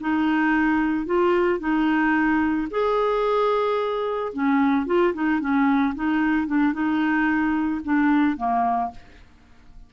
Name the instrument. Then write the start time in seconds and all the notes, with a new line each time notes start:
clarinet
0.00 D#4
1.06 F4
1.59 D#4
2.70 G#4
4.33 C#4
4.86 F4
5.14 D#4
5.40 C#4
5.95 D#4
6.47 D4
6.73 D#4
7.84 D4
8.37 A#3